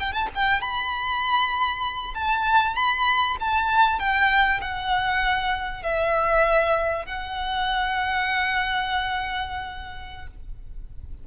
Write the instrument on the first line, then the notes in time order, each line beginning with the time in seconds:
violin
0.00 G5
0.13 A5
0.35 G5
0.62 B5
2.15 A5
2.76 B5
3.41 A5
4.00 G5
4.62 F#5
5.84 E5
7.06 F#5